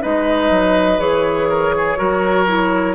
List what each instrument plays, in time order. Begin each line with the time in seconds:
0.00 bassoon G#3, clarinet D#4, oboe B4, flute D#5
0.50 bassoon F#3
0.98 bassoon E3, clarinet G#4, flute C#5
1.49 oboe A#4
1.77 oboe G#4
1.96 bassoon F#3, clarinet F#4, oboe A#4
2.47 clarinet E4